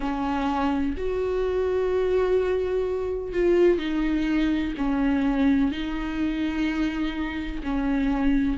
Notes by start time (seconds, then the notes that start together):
0.00 C#4
0.97 F#4
3.32 F4
3.78 D#4
4.77 C#4
5.71 D#4
7.63 C#4